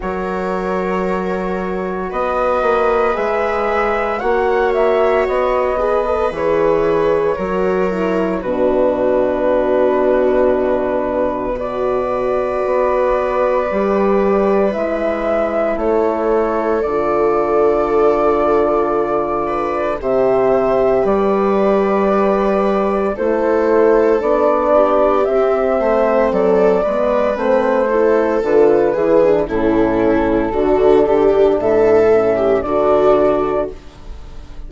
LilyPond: <<
  \new Staff \with { instrumentName = "flute" } { \time 4/4 \tempo 4 = 57 cis''2 dis''4 e''4 | fis''8 e''8 dis''4 cis''2 | b'2. d''4~ | d''2 e''4 cis''4 |
d''2. e''4 | d''2 c''4 d''4 | e''4 d''4 c''4 b'4 | a'2 e''4 d''4 | }
  \new Staff \with { instrumentName = "viola" } { \time 4/4 ais'2 b'2 | cis''4. b'4. ais'4 | fis'2. b'4~ | b'2. a'4~ |
a'2~ a'8 b'8 c''4 | b'2 a'4. g'8~ | g'8 c''8 a'8 b'4 a'4 gis'8 | e'4 fis'8 g'8 a'8. g'16 fis'4 | }
  \new Staff \with { instrumentName = "horn" } { \time 4/4 fis'2. gis'4 | fis'4. gis'16 a'16 gis'4 fis'8 e'8 | d'2. fis'4~ | fis'4 g'4 e'2 |
f'2. g'4~ | g'2 e'4 d'4 | c'4. b8 c'8 e'8 f'8 e'16 d'16 | cis'4 d'4. cis'8 d'4 | }
  \new Staff \with { instrumentName = "bassoon" } { \time 4/4 fis2 b8 ais8 gis4 | ais4 b4 e4 fis4 | b,1 | b4 g4 gis4 a4 |
d2. c4 | g2 a4 b4 | c'8 a8 fis8 gis8 a4 d8 e8 | a,4 d4 a,4 d4 | }
>>